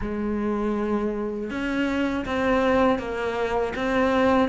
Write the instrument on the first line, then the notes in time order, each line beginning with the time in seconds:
cello
0.01 G#3
1.50 C#4
2.25 C4
2.98 A#3
3.75 C4